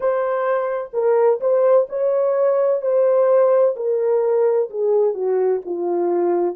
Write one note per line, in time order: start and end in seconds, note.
0.00 0.90 C5
0.93 1.40 A#4
1.40 1.87 C5
1.89 2.81 C#5
2.81 3.75 C5
3.75 4.69 A#4
4.70 5.13 G#4
5.13 5.60 F#4
5.65 6.55 F4